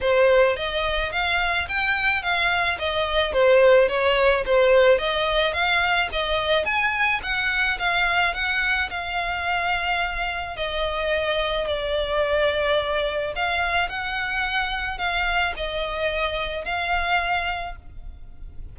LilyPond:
\new Staff \with { instrumentName = "violin" } { \time 4/4 \tempo 4 = 108 c''4 dis''4 f''4 g''4 | f''4 dis''4 c''4 cis''4 | c''4 dis''4 f''4 dis''4 | gis''4 fis''4 f''4 fis''4 |
f''2. dis''4~ | dis''4 d''2. | f''4 fis''2 f''4 | dis''2 f''2 | }